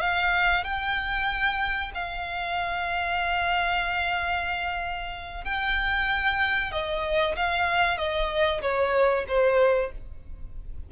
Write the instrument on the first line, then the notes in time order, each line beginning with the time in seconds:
violin
0.00 F5
0.64 G5
1.94 F5
5.44 G5
6.71 D#5
7.35 F5
7.97 D#5
8.61 C#5
9.28 C5